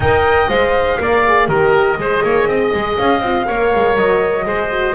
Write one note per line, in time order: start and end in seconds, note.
0.00 0.47 D#4
0.00 0.48 A#4
0.00 1.01 D#5
0.00 0.49 G5
0.48 0.98 G#3
0.48 0.98 C5
0.48 1.47 F5
0.98 1.48 A#3
0.98 1.23 A#4
0.98 1.48 D5
1.27 1.48 G#4
1.47 1.97 D#3
1.47 1.97 G4
1.47 1.98 A#4
1.47 2.96 D#5
1.97 2.22 G#3
1.97 3.22 G#4
1.97 2.23 C5
2.23 2.46 A#3
2.23 2.48 C#5
2.46 2.71 C4
2.46 3.46 D#5
2.73 2.98 G#3
2.97 3.20 C#4
2.97 3.96 F5
3.20 3.45 C4
3.20 3.45 F4
3.45 3.73 A#3
3.45 4.44 A#4
3.45 4.46 C#5
3.75 3.97 G#3
3.96 4.45 F#3
3.96 4.95 D#5
4.44 4.94 G#3
4.44 4.69 G#4
4.44 4.95 C5
4.69 4.94 F#4